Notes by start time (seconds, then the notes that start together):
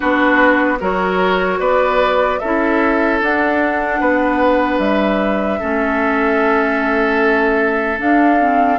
0.00 B3 D4 F#4 B4
0.80 F#3 F#4 A#4 C#5
1.59 B3 B4 D5
2.38 C#4 E4 A4 E5
3.21 D4 F#5
4.00 B3 B4
4.78 G3 E5
5.59 A3 C#4 A4
7.98 D4 F5
8.39 C4